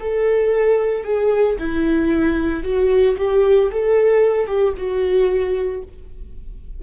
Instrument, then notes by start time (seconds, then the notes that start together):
viola
0.00 A4
1.04 G#4
1.59 E4
2.64 F#4
3.18 G4
3.72 A4
4.47 G4
4.77 F#4